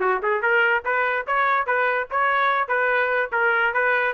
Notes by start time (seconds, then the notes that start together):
0.00 F#4
0.22 G#4
0.42 A#4
0.85 B4
1.27 C#5
1.66 B4
2.11 C#5
2.68 B4
3.32 A#4
3.74 B4